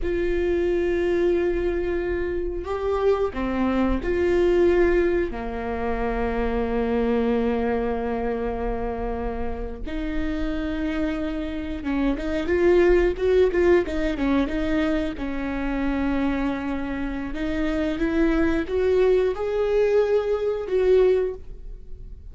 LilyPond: \new Staff \with { instrumentName = "viola" } { \time 4/4 \tempo 4 = 90 f'1 | g'4 c'4 f'2 | ais1~ | ais2~ ais8. dis'4~ dis'16~ |
dis'4.~ dis'16 cis'8 dis'8 f'4 fis'16~ | fis'16 f'8 dis'8 cis'8 dis'4 cis'4~ cis'16~ | cis'2 dis'4 e'4 | fis'4 gis'2 fis'4 | }